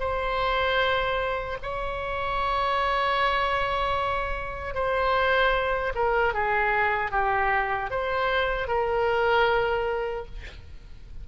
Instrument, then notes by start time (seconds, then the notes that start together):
oboe
0.00 C5
1.63 C#5
4.75 C5
5.95 A#4
6.34 G#4
7.12 G4
7.91 C5
8.68 A#4